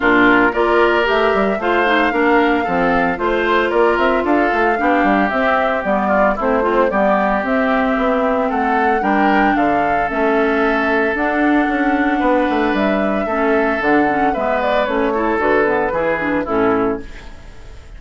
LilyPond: <<
  \new Staff \with { instrumentName = "flute" } { \time 4/4 \tempo 4 = 113 ais'4 d''4 e''4 f''4~ | f''2 c''4 d''8 e''8 | f''2 e''4 d''4 | c''4 d''4 e''2 |
fis''4 g''4 f''4 e''4~ | e''4 fis''2. | e''2 fis''4 e''8 d''8 | cis''4 b'2 a'4 | }
  \new Staff \with { instrumentName = "oboe" } { \time 4/4 f'4 ais'2 c''4 | ais'4 a'4 c''4 ais'4 | a'4 g'2~ g'8 f'8 | e'8 c'8 g'2. |
a'4 ais'4 a'2~ | a'2. b'4~ | b'4 a'2 b'4~ | b'8 a'4. gis'4 e'4 | }
  \new Staff \with { instrumentName = "clarinet" } { \time 4/4 d'4 f'4 g'4 f'8 dis'8 | d'4 c'4 f'2~ | f'4 d'4 c'4 b4 | c'8 f'8 b4 c'2~ |
c'4 d'2 cis'4~ | cis'4 d'2.~ | d'4 cis'4 d'8 cis'8 b4 | cis'8 e'8 fis'8 b8 e'8 d'8 cis'4 | }
  \new Staff \with { instrumentName = "bassoon" } { \time 4/4 ais,4 ais4 a8 g8 a4 | ais4 f4 a4 ais8 c'8 | d'8 a8 b8 g8 c'4 g4 | a4 g4 c'4 b4 |
a4 g4 d4 a4~ | a4 d'4 cis'4 b8 a8 | g4 a4 d4 gis4 | a4 d4 e4 a,4 | }
>>